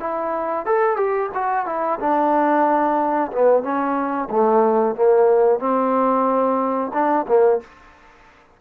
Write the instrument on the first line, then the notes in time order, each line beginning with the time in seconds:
trombone
0.00 E4
0.66 A4
0.97 G4
1.35 F#4
1.66 E4
2.00 D4
3.32 B3
3.63 C#4
4.30 A3
4.95 A#3
5.60 C4
6.94 D4
7.28 A#3